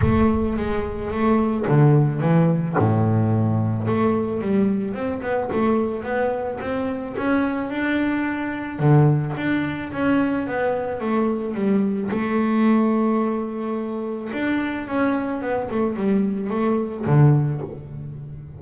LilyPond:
\new Staff \with { instrumentName = "double bass" } { \time 4/4 \tempo 4 = 109 a4 gis4 a4 d4 | e4 a,2 a4 | g4 c'8 b8 a4 b4 | c'4 cis'4 d'2 |
d4 d'4 cis'4 b4 | a4 g4 a2~ | a2 d'4 cis'4 | b8 a8 g4 a4 d4 | }